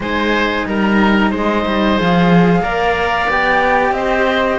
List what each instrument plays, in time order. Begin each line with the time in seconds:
0.00 cello G#3 D#4, oboe C5, flute G#5
0.66 cello G3, oboe A#4, flute A#5
1.30 cello G#3, oboe C5, flute D#5
1.66 cello G3
1.97 cello F3 G#4, flute F5
2.60 cello A#3 A#4, oboe D5
3.28 cello B3 G4, flute G5
3.91 cello C4, oboe C5, flute D#5